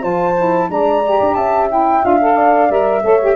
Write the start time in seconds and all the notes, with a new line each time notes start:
0.00 F3 F4 C5 A5
0.37 E4
0.69 G#3 D4 D5 A#5
1.06 G4
1.20 D4
1.34 C#4 E5 A5
1.70 E4 G5
2.03 D4 F4 F5
2.21 A4
2.36 D5
2.69 G3 A#4 E5
3.03 A3 A4 C#5
3.21 G4